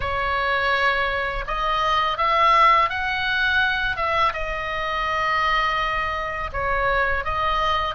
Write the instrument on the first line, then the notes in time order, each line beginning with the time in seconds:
oboe
0.00 C#5
1.47 D#5
2.17 E5
2.89 F#5
3.96 E5
4.33 D#5
6.52 C#5
7.24 D#5